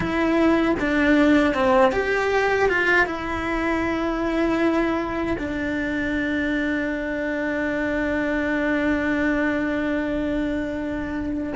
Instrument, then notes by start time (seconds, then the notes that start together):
cello
0.00 E4
0.79 D4
1.54 C4
1.92 G4
2.68 F4
3.06 E4
5.38 D4